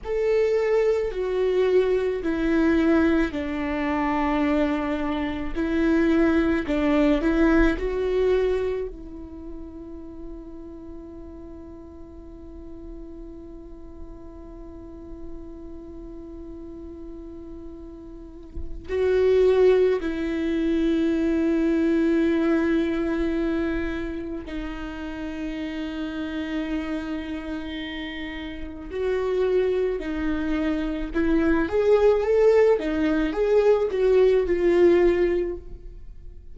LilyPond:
\new Staff \with { instrumentName = "viola" } { \time 4/4 \tempo 4 = 54 a'4 fis'4 e'4 d'4~ | d'4 e'4 d'8 e'8 fis'4 | e'1~ | e'1~ |
e'4 fis'4 e'2~ | e'2 dis'2~ | dis'2 fis'4 dis'4 | e'8 gis'8 a'8 dis'8 gis'8 fis'8 f'4 | }